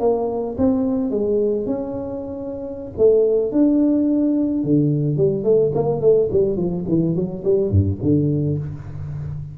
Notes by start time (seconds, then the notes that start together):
0.00 A#3
0.58 C4
1.11 G#3
1.66 C#4
2.97 A3
3.52 D4
4.64 D3
5.17 G3
5.44 A3
5.75 A#3
6.01 A3
6.32 G3
6.57 F3
6.88 E3
7.16 F#3
7.45 G3
7.71 G2
8.02 D3